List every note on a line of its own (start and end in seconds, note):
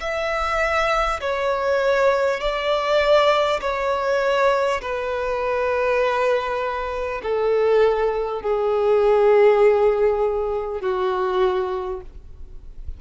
0.00 1.20 E5
1.21 2.40 C#5
2.40 3.60 D5
3.61 4.81 C#5
4.81 7.21 B4
7.22 8.41 A4
8.41 10.81 G#4
10.81 12.01 F#4